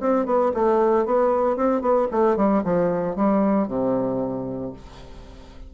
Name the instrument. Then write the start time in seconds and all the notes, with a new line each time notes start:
bassoon
0.00 C4
0.26 B3
0.54 A3
1.06 B3
1.57 C4
1.81 B3
2.11 A3
2.37 G3
2.64 F3
3.16 G3
3.68 C3